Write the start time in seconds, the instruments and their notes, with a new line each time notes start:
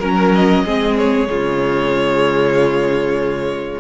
0.00 cello F#3, viola C#4, violin A#4
0.35 violin D#5
0.65 cello G#3, viola C4, violin G#4
0.98 violin C#5
1.27 cello C#3, viola G#3, violin F4